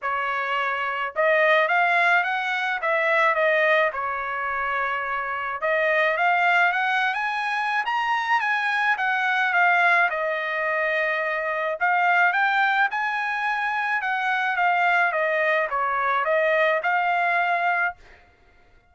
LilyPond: \new Staff \with { instrumentName = "trumpet" } { \time 4/4 \tempo 4 = 107 cis''2 dis''4 f''4 | fis''4 e''4 dis''4 cis''4~ | cis''2 dis''4 f''4 | fis''8. gis''4~ gis''16 ais''4 gis''4 |
fis''4 f''4 dis''2~ | dis''4 f''4 g''4 gis''4~ | gis''4 fis''4 f''4 dis''4 | cis''4 dis''4 f''2 | }